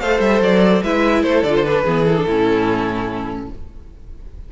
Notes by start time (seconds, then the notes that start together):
0.00 A3 A4 C5 F5
0.20 G3 E5
0.41 F#3 D5
0.82 G#3 E4 B4 E5
1.23 A3 A4 C5
1.43 D3 D5
1.49 F4
1.56 C5
1.65 D4 B4
1.84 E3 B3 G#4
2.05 A4
2.11 D4 E4
2.26 A2 C#4 E4